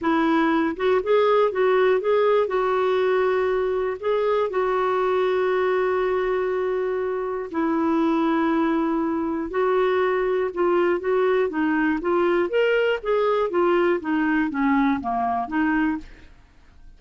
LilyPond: \new Staff \with { instrumentName = "clarinet" } { \time 4/4 \tempo 4 = 120 e'4. fis'8 gis'4 fis'4 | gis'4 fis'2. | gis'4 fis'2.~ | fis'2. e'4~ |
e'2. fis'4~ | fis'4 f'4 fis'4 dis'4 | f'4 ais'4 gis'4 f'4 | dis'4 cis'4 ais4 dis'4 | }